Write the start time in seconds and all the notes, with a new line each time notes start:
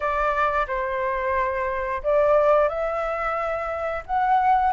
0.00 D5
0.67 C5
2.03 D5
2.68 E5
4.05 F#5